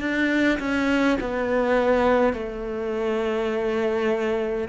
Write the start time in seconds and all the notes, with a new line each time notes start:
0.00 D4
0.59 C#4
1.20 B3
2.33 A3